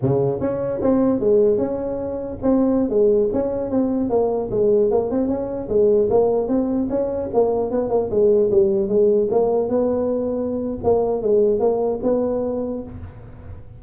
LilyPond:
\new Staff \with { instrumentName = "tuba" } { \time 4/4 \tempo 4 = 150 cis4 cis'4 c'4 gis4 | cis'2 c'4~ c'16 gis8.~ | gis16 cis'4 c'4 ais4 gis8.~ | gis16 ais8 c'8 cis'4 gis4 ais8.~ |
ais16 c'4 cis'4 ais4 b8 ais16~ | ais16 gis4 g4 gis4 ais8.~ | ais16 b2~ b8. ais4 | gis4 ais4 b2 | }